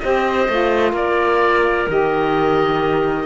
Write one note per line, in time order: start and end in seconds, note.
0.00 0.49 C4
0.00 0.48 G4
0.00 0.92 C5
0.00 0.93 D#5
0.49 0.94 A3
0.49 1.88 F4
0.92 1.87 A#3
0.92 3.25 A#4
0.92 1.90 D5
1.88 3.26 D#3
1.88 3.26 G4
1.88 3.26 D#5